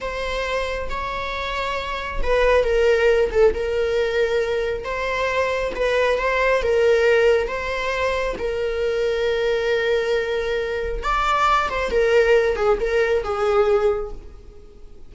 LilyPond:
\new Staff \with { instrumentName = "viola" } { \time 4/4 \tempo 4 = 136 c''2 cis''2~ | cis''4 b'4 ais'4. a'8 | ais'2. c''4~ | c''4 b'4 c''4 ais'4~ |
ais'4 c''2 ais'4~ | ais'1~ | ais'4 d''4. c''8 ais'4~ | ais'8 gis'8 ais'4 gis'2 | }